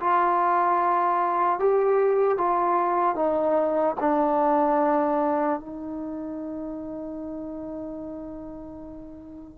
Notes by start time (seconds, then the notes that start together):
0.00 F4
1.59 G4
2.38 F4
3.15 D#4
4.00 D4
5.60 D#4